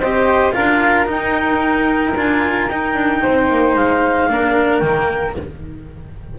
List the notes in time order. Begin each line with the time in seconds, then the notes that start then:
0.00 C4 G4 C5 D#5
0.53 D4 F4 A#4 F5
1.06 D#4 G5
2.16 D4 F4 G#5
2.69 D#4 G5
2.95 D4
3.22 C4 C5
3.50 A#3
3.75 G#3 F5
4.29 A#3 D4 A#4
4.79 D#3 A#3 G5